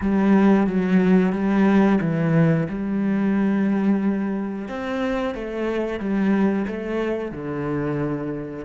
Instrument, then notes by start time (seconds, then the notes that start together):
cello
0.01 G3
0.66 F#3
1.32 G3
2.01 E3
2.68 G3
4.68 C4
5.34 A3
5.99 G3
6.67 A3
7.31 D3